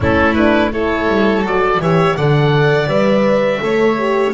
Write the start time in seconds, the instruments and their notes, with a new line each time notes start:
0.00 double bass A3, horn C#4, violin E4, oboe A4
0.34 horn D4, oboe B4
0.72 horn E4, violin A4, oboe C#5
1.07 double bass G3
1.41 double bass F#3, horn F#4, oboe D5
1.80 double bass E3, horn G4, violin C#5, oboe E5
2.16 double bass D3, horn A4, violin D5, oboe F#5
2.87 double bass G3, horn B4, oboe E5
3.60 double bass A3, horn A4, violin C#5
3.97 horn G4